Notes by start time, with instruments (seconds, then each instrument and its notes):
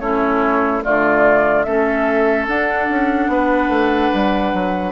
0.00 bassoon A3, clarinet C#4, oboe E4, flute C#5
0.83 bassoon D3, clarinet A3, oboe F4, flute D5
1.64 bassoon A3, clarinet C#4, oboe A4, flute E5
2.48 bassoon D4, clarinet D4, flute F#5
2.90 bassoon C#4
3.28 bassoon B3, oboe B4
3.69 bassoon A3
4.14 bassoon G3
4.54 bassoon F#3